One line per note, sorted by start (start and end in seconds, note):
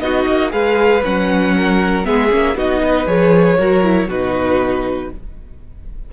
0.00 0.26 B3
0.00 0.50 D#4
0.00 0.53 F#4
0.00 0.51 D#5
0.28 0.53 A#3
0.50 1.04 G#3
0.50 1.02 G#4
0.50 1.55 B4
0.50 1.03 F5
1.03 2.07 F#3
1.03 2.04 C#4
1.03 2.05 F#5
1.57 2.07 A#4
2.04 2.32 G#3
2.04 2.30 B3
2.04 2.57 G#4
2.04 2.57 E5
2.31 2.55 A#3
2.31 2.56 C#4
2.55 3.06 B3
2.55 3.07 D#4
2.55 2.83 F#4
2.55 3.07 D#5
2.83 3.58 B4
3.07 3.58 F3
3.07 3.58 G#4
3.07 4.09 C#5
3.58 4.08 F#3
3.58 3.83 F#4
3.58 4.08 A#4
3.83 4.09 E4
4.08 5.11 B2
4.08 5.13 D#4
4.08 5.10 F#4
4.08 5.12 B4